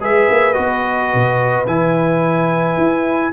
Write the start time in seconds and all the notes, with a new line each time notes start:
0.00 G#3 G#4 B4 E5
0.30 A#3
0.54 B3 F#4 D#5
1.14 B2
1.66 E3 E4 G#5
2.78 E4